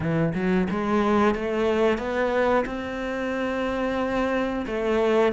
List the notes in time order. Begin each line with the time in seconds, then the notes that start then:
0.00 E3
0.34 F#3
0.70 G#3
1.35 A3
1.98 B3
2.65 C4
4.66 A3